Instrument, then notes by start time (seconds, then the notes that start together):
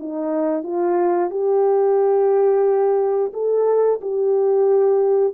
horn
0.00 D#4
0.64 F4
1.31 G4
3.33 A4
4.01 G4